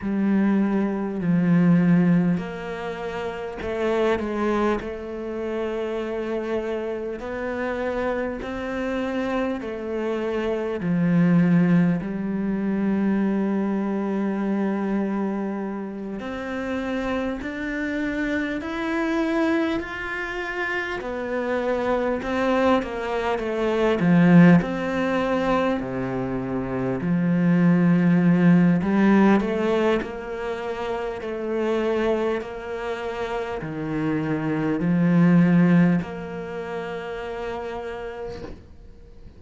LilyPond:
\new Staff \with { instrumentName = "cello" } { \time 4/4 \tempo 4 = 50 g4 f4 ais4 a8 gis8 | a2 b4 c'4 | a4 f4 g2~ | g4. c'4 d'4 e'8~ |
e'8 f'4 b4 c'8 ais8 a8 | f8 c'4 c4 f4. | g8 a8 ais4 a4 ais4 | dis4 f4 ais2 | }